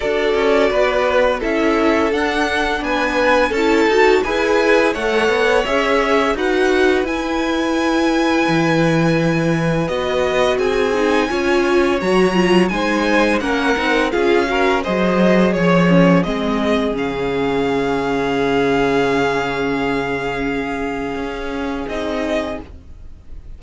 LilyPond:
<<
  \new Staff \with { instrumentName = "violin" } { \time 4/4 \tempo 4 = 85 d''2 e''4 fis''4 | gis''4 a''4 gis''4 fis''4 | e''4 fis''4 gis''2~ | gis''2 dis''4 gis''4~ |
gis''4 ais''4 gis''4 fis''4 | f''4 dis''4 cis''4 dis''4 | f''1~ | f''2. dis''4 | }
  \new Staff \with { instrumentName = "violin" } { \time 4/4 a'4 b'4 a'2 | b'4 a'4 b'4 cis''4~ | cis''4 b'2.~ | b'2. gis'4 |
cis''2 c''4 ais'4 | gis'8 ais'8 c''4 cis''8 cis'8 gis'4~ | gis'1~ | gis'1 | }
  \new Staff \with { instrumentName = "viola" } { \time 4/4 fis'2 e'4 d'4~ | d'4 e'8 fis'8 gis'4 a'4 | gis'4 fis'4 e'2~ | e'2 fis'4. dis'8 |
f'4 fis'8 f'8 dis'4 cis'8 dis'8 | f'8 fis'8 gis'2 c'4 | cis'1~ | cis'2. dis'4 | }
  \new Staff \with { instrumentName = "cello" } { \time 4/4 d'8 cis'8 b4 cis'4 d'4 | b4 cis'8 dis'8 e'4 a8 b8 | cis'4 dis'4 e'2 | e2 b4 c'4 |
cis'4 fis4 gis4 ais8 c'8 | cis'4 fis4 f4 gis4 | cis1~ | cis2 cis'4 c'4 | }
>>